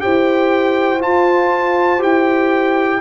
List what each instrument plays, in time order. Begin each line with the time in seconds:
0.00 tuba E4, trombone G4, horn C5, trumpet G5
0.99 trombone F4, tuba F4, trumpet A5
1.98 tuba E4, trombone G4, trumpet G5